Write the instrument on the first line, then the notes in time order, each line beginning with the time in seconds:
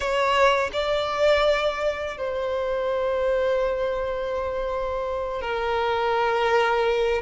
violin
0.00 C#5
0.73 D5
2.17 C5
5.41 A#4